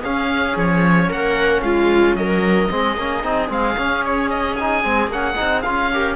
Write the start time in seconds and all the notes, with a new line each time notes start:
0.00 C#4 G#4 F5
0.56 F3 C#5
1.09 A#3 A#4 F#5
1.62 G#3 F4 F5
2.15 F#3 A#4 D#5
2.70 G#3 C4 G#4
2.97 A#3 C#4
3.23 C4 D#4
3.49 G#3 C4 F5
3.78 C#4
4.05 C#5
4.30 D#5
4.56 D#4 G#5
4.84 G#3 C4
5.08 A#3 C#4 F#5
5.37 C4 D#4
5.62 C#4 F4 F5
5.92 G4 A#4